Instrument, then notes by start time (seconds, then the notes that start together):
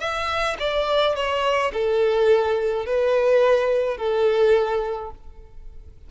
violin
0.00 E5
0.59 D5
1.15 C#5
1.73 A4
2.86 B4
3.98 A4